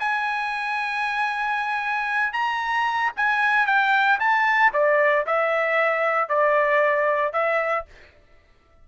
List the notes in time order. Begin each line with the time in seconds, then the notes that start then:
0.00 G#5
2.33 A#5
3.17 G#5
3.67 G5
4.20 A5
4.73 D5
5.27 E5
6.29 D5
7.33 E5